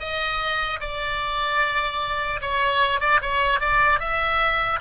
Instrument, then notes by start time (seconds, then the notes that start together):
oboe
0.00 D#5
0.81 D5
2.41 C#5
3.01 D5
3.22 C#5
3.60 D5
4.00 E5